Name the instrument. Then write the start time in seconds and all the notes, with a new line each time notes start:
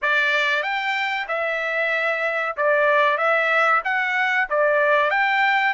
trumpet
0.02 D5
0.62 G5
1.28 E5
2.56 D5
3.17 E5
3.84 F#5
4.49 D5
5.10 G5